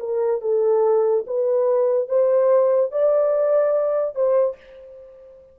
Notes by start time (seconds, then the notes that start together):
0.00 A#4
0.42 A4
1.27 B4
2.09 C5
2.92 D5
4.16 C5